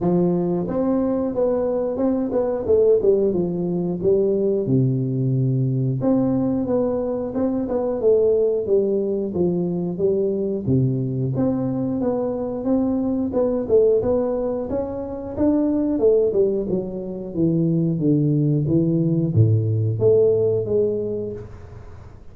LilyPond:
\new Staff \with { instrumentName = "tuba" } { \time 4/4 \tempo 4 = 90 f4 c'4 b4 c'8 b8 | a8 g8 f4 g4 c4~ | c4 c'4 b4 c'8 b8 | a4 g4 f4 g4 |
c4 c'4 b4 c'4 | b8 a8 b4 cis'4 d'4 | a8 g8 fis4 e4 d4 | e4 a,4 a4 gis4 | }